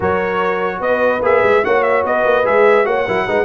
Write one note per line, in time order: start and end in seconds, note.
0.00 0.79 F#3
0.00 1.21 F#4
0.00 0.79 A#4
0.00 0.81 C#5
0.79 1.20 B3
0.79 1.65 B4
0.79 1.22 D#5
1.21 1.41 A#3
1.21 1.63 G#4
1.21 1.64 E5
1.43 1.63 G#3
1.64 2.04 A#3
1.64 2.44 F#4
1.64 2.05 C#5
1.64 1.82 F#5
1.82 2.03 E5
2.04 2.24 B3
2.04 2.87 B4
2.04 2.45 D#5
2.24 2.44 A#3
2.44 2.86 G#3
2.44 2.84 G#4
2.44 2.85 E5
2.85 3.06 A#3
2.85 3.05 F#4
2.85 3.05 C#5
2.85 3.45 F#5
3.05 3.27 F#3
3.05 3.27 E4
3.05 3.25 A#4
3.27 3.45 G#3
3.27 3.45 D#4
3.27 3.45 B4